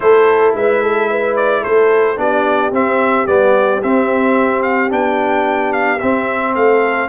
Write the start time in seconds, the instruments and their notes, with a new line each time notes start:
0.00 tuba A3, trombone E4, horn A4, trumpet C5
0.54 tuba G#3, horn B4, trumpet E5
0.82 horn A4
1.10 horn B4
1.36 trumpet D5
1.61 tuba A3, horn A4, trumpet C5
2.16 tuba B3, trombone D4, horn G4, trumpet D5
2.71 tuba C4, trombone C4, trumpet E5
3.26 tuba G3, trombone B3, trumpet D5
3.82 trombone C4, tuba C4, trumpet E5
4.62 trumpet F5
4.89 tuba B3, trombone D4, trumpet G5
5.72 trumpet F5
5.99 trombone C4, tuba C4, trumpet E5
6.55 tuba A3, horn A4, trumpet F5